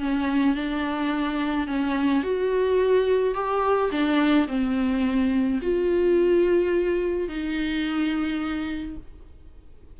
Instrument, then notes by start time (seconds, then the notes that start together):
viola
0.00 C#4
0.55 D4
1.67 C#4
2.23 F#4
3.34 G4
3.91 D4
4.48 C4
5.62 F4
7.28 D#4